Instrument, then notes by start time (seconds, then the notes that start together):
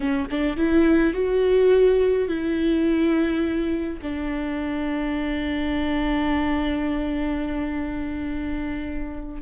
viola
0.00 C#4
0.30 D4
0.57 E4
1.13 F#4
2.28 E4
4.02 D4